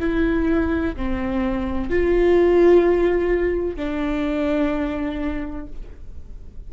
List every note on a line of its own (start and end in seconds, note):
0.00 0.95 E4
0.96 1.90 C4
1.90 3.76 F4
3.76 5.67 D4